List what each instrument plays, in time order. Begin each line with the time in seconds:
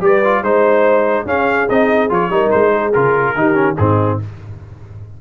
0.00 tuba G3, trombone G4, horn B4, trumpet D5
0.24 trombone F4
0.41 tuba G#3, trombone D#4, horn C5, trumpet C5
1.25 tuba C#4, trombone C#4, horn G#4, trumpet F5
1.69 tuba C4, trombone D#4, trumpet D#5
2.09 tuba F3, trombone F4, trumpet C#5
2.29 tuba G3, trombone D#4, horn A#4
2.50 tuba G#3, trumpet C5
2.73 horn G#4
2.93 tuba C#3, trombone F4, trumpet A#4
3.34 tuba D#3, trombone D#4, horn G4
3.54 trombone C#4
3.77 tuba G#2, trombone C4, horn D#4, trumpet G#4